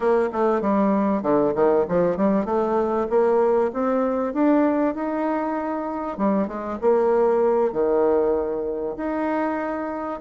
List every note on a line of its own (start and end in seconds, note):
0.00 0.29 A#3
0.32 0.61 A3
0.61 1.22 G3
1.22 1.53 D3
1.54 1.85 D#3
1.88 2.16 F3
2.16 2.45 G3
2.45 3.07 A3
3.09 3.71 A#3
3.73 4.33 C4
4.33 4.94 D4
4.94 6.17 D#4
6.17 6.47 G3
6.47 6.78 G#3
6.81 7.72 A#3
7.72 8.96 D#3
8.97 10.20 D#4